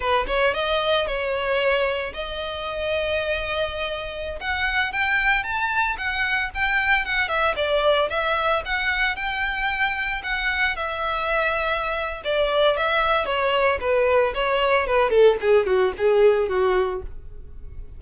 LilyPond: \new Staff \with { instrumentName = "violin" } { \time 4/4 \tempo 4 = 113 b'8 cis''8 dis''4 cis''2 | dis''1~ | dis''16 fis''4 g''4 a''4 fis''8.~ | fis''16 g''4 fis''8 e''8 d''4 e''8.~ |
e''16 fis''4 g''2 fis''8.~ | fis''16 e''2~ e''8. d''4 | e''4 cis''4 b'4 cis''4 | b'8 a'8 gis'8 fis'8 gis'4 fis'4 | }